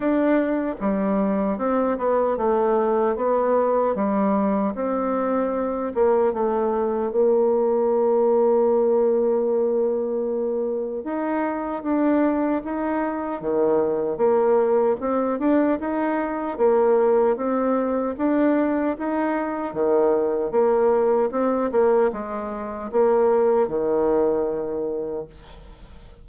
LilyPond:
\new Staff \with { instrumentName = "bassoon" } { \time 4/4 \tempo 4 = 76 d'4 g4 c'8 b8 a4 | b4 g4 c'4. ais8 | a4 ais2.~ | ais2 dis'4 d'4 |
dis'4 dis4 ais4 c'8 d'8 | dis'4 ais4 c'4 d'4 | dis'4 dis4 ais4 c'8 ais8 | gis4 ais4 dis2 | }